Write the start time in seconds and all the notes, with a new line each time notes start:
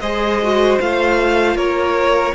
0.00 G#3 G#4 C5 D#5
0.43 F#4
0.80 A3 F4 F5
1.55 A#3 A#4 C#5